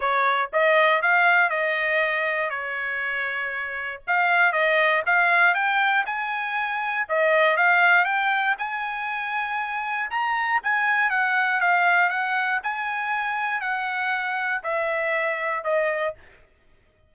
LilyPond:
\new Staff \with { instrumentName = "trumpet" } { \time 4/4 \tempo 4 = 119 cis''4 dis''4 f''4 dis''4~ | dis''4 cis''2. | f''4 dis''4 f''4 g''4 | gis''2 dis''4 f''4 |
g''4 gis''2. | ais''4 gis''4 fis''4 f''4 | fis''4 gis''2 fis''4~ | fis''4 e''2 dis''4 | }